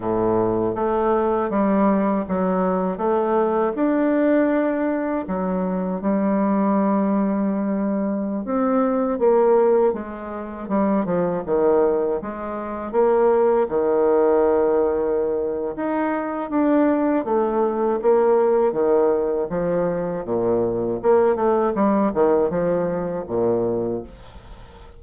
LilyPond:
\new Staff \with { instrumentName = "bassoon" } { \time 4/4 \tempo 4 = 80 a,4 a4 g4 fis4 | a4 d'2 fis4 | g2.~ g16 c'8.~ | c'16 ais4 gis4 g8 f8 dis8.~ |
dis16 gis4 ais4 dis4.~ dis16~ | dis4 dis'4 d'4 a4 | ais4 dis4 f4 ais,4 | ais8 a8 g8 dis8 f4 ais,4 | }